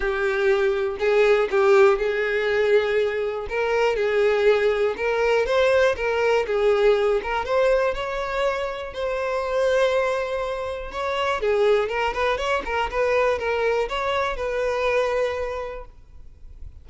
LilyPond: \new Staff \with { instrumentName = "violin" } { \time 4/4 \tempo 4 = 121 g'2 gis'4 g'4 | gis'2. ais'4 | gis'2 ais'4 c''4 | ais'4 gis'4. ais'8 c''4 |
cis''2 c''2~ | c''2 cis''4 gis'4 | ais'8 b'8 cis''8 ais'8 b'4 ais'4 | cis''4 b'2. | }